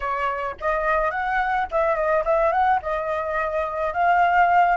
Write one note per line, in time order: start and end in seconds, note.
0.00 0.55 C#5
0.60 1.10 D#5
1.10 1.66 F#5
1.71 1.95 E5
1.95 2.23 D#5
2.24 2.51 E5
2.51 2.79 F#5
2.82 3.93 D#5
3.93 4.76 F5